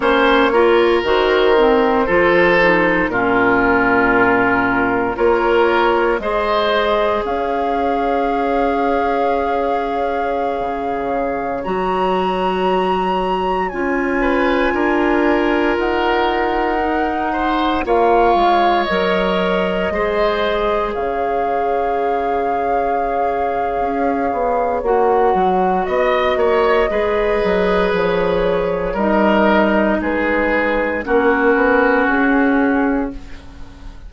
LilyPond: <<
  \new Staff \with { instrumentName = "flute" } { \time 4/4 \tempo 4 = 58 cis''4 c''2 ais'4~ | ais'4 cis''4 dis''4 f''4~ | f''2.~ f''16 ais''8.~ | ais''4~ ais''16 gis''2 fis''8.~ |
fis''4~ fis''16 f''4 dis''4.~ dis''16~ | dis''16 f''2.~ f''8. | fis''4 dis''2 cis''4 | dis''4 b'4 ais'4 gis'4 | }
  \new Staff \with { instrumentName = "oboe" } { \time 4/4 c''8 ais'4. a'4 f'4~ | f'4 ais'4 c''4 cis''4~ | cis''1~ | cis''4.~ cis''16 b'8 ais'4.~ ais'16~ |
ais'8. c''8 cis''2 c''8.~ | c''16 cis''2.~ cis''8.~ | cis''4 dis''8 cis''8 b'2 | ais'4 gis'4 fis'2 | }
  \new Staff \with { instrumentName = "clarinet" } { \time 4/4 cis'8 f'8 fis'8 c'8 f'8 dis'8 cis'4~ | cis'4 f'4 gis'2~ | gis'2.~ gis'16 fis'8.~ | fis'4~ fis'16 f'2~ f'8.~ |
f'16 dis'4 f'4 ais'4 gis'8.~ | gis'1 | fis'2 gis'2 | dis'2 cis'2 | }
  \new Staff \with { instrumentName = "bassoon" } { \time 4/4 ais4 dis4 f4 ais,4~ | ais,4 ais4 gis4 cis'4~ | cis'2~ cis'16 cis4 fis8.~ | fis4~ fis16 cis'4 d'4 dis'8.~ |
dis'4~ dis'16 ais8 gis8 fis4 gis8.~ | gis16 cis2~ cis8. cis'8 b8 | ais8 fis8 b8 ais8 gis8 fis8 f4 | g4 gis4 ais8 b8 cis'4 | }
>>